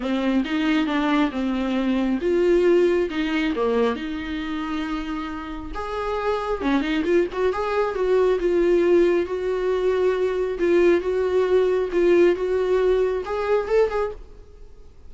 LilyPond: \new Staff \with { instrumentName = "viola" } { \time 4/4 \tempo 4 = 136 c'4 dis'4 d'4 c'4~ | c'4 f'2 dis'4 | ais4 dis'2.~ | dis'4 gis'2 cis'8 dis'8 |
f'8 fis'8 gis'4 fis'4 f'4~ | f'4 fis'2. | f'4 fis'2 f'4 | fis'2 gis'4 a'8 gis'8 | }